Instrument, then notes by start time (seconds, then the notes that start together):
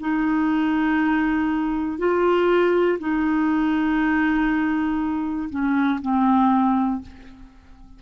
clarinet
0.00 D#4
1.99 F4
2.99 D#4
5.50 C#4
6.02 C4